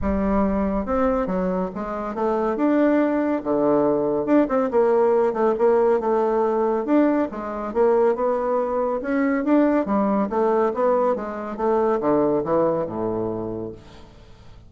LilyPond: \new Staff \with { instrumentName = "bassoon" } { \time 4/4 \tempo 4 = 140 g2 c'4 fis4 | gis4 a4 d'2 | d2 d'8 c'8 ais4~ | ais8 a8 ais4 a2 |
d'4 gis4 ais4 b4~ | b4 cis'4 d'4 g4 | a4 b4 gis4 a4 | d4 e4 a,2 | }